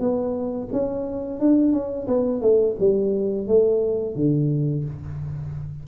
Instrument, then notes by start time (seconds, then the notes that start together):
tuba
0.00 B3
0.73 C#4
1.40 D4
1.73 C#4
2.08 B3
2.42 A3
2.80 G3
3.48 A3
4.16 D3